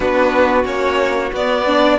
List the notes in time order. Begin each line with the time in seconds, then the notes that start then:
0.00 B3 D4 F#4 B4
0.64 A#3 C#4 C#5
1.32 B3 D5
1.65 D4 D5